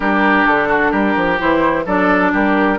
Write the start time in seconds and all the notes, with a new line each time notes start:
0.00 G3 D4 G4 A#4
0.45 D3 A4
0.68 F#4
0.91 G3 G4 A#4
1.16 F3
1.38 E3 E4 C5
1.86 F#3 D4 A4 D5
2.32 G3 G4 A#4